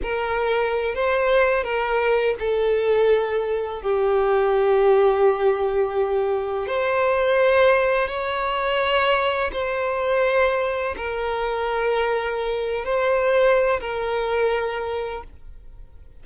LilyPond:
\new Staff \with { instrumentName = "violin" } { \time 4/4 \tempo 4 = 126 ais'2 c''4. ais'8~ | ais'4 a'2. | g'1~ | g'2 c''2~ |
c''4 cis''2. | c''2. ais'4~ | ais'2. c''4~ | c''4 ais'2. | }